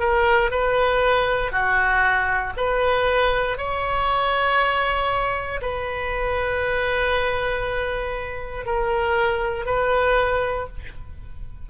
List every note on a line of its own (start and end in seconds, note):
0.00 0.51 A#4
0.51 1.52 B4
1.52 2.53 F#4
2.57 3.57 B4
3.57 5.61 C#5
5.62 8.65 B4
8.65 9.66 A#4
9.66 10.67 B4